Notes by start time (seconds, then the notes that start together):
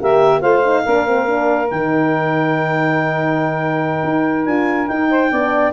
0.00 A#3 G4 A#4 E5
0.40 A3 F4 C5 F5
0.65 D#4
0.85 A#3 D4 A#4
1.07 C4
1.27 D4
1.70 D#3 D#4 G5
4.03 D#4
4.45 D4 F4 G#5
4.86 D#4 G5
5.10 C5
5.31 B3 D4 D5